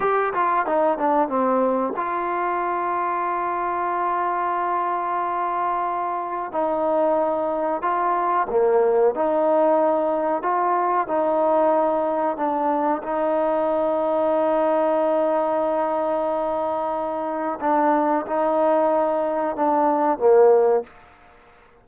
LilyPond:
\new Staff \with { instrumentName = "trombone" } { \time 4/4 \tempo 4 = 92 g'8 f'8 dis'8 d'8 c'4 f'4~ | f'1~ | f'2 dis'2 | f'4 ais4 dis'2 |
f'4 dis'2 d'4 | dis'1~ | dis'2. d'4 | dis'2 d'4 ais4 | }